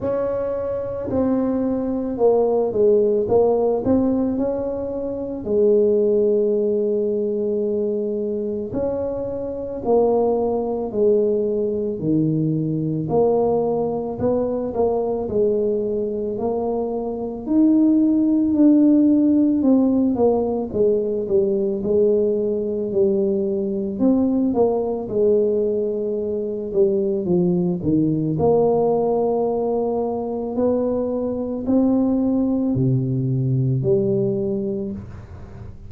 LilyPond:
\new Staff \with { instrumentName = "tuba" } { \time 4/4 \tempo 4 = 55 cis'4 c'4 ais8 gis8 ais8 c'8 | cis'4 gis2. | cis'4 ais4 gis4 dis4 | ais4 b8 ais8 gis4 ais4 |
dis'4 d'4 c'8 ais8 gis8 g8 | gis4 g4 c'8 ais8 gis4~ | gis8 g8 f8 dis8 ais2 | b4 c'4 c4 g4 | }